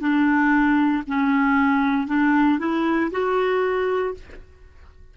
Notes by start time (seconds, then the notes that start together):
0.00 D4
1.07 C#4
2.07 D4
2.59 E4
3.11 F#4